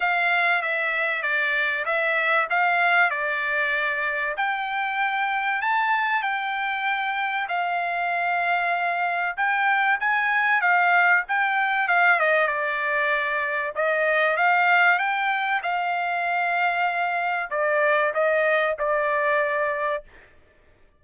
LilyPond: \new Staff \with { instrumentName = "trumpet" } { \time 4/4 \tempo 4 = 96 f''4 e''4 d''4 e''4 | f''4 d''2 g''4~ | g''4 a''4 g''2 | f''2. g''4 |
gis''4 f''4 g''4 f''8 dis''8 | d''2 dis''4 f''4 | g''4 f''2. | d''4 dis''4 d''2 | }